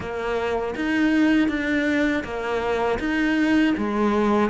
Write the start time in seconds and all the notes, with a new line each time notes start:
0.00 A#3
0.75 D#4
1.48 D4
2.24 A#3
2.99 D#4
3.77 G#3